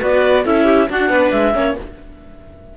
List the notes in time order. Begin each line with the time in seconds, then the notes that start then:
0.00 B3 F#4 B4 D5
0.45 C#4 E4 A4 E5
0.64 G4
0.89 D4 F#4 F#5
1.08 B3 B4
1.31 G#3 E5
1.54 A#3 C#4 C#5